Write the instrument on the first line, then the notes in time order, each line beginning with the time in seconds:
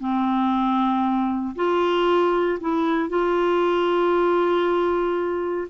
clarinet
0.00 C4
1.56 F4
2.61 E4
3.09 F4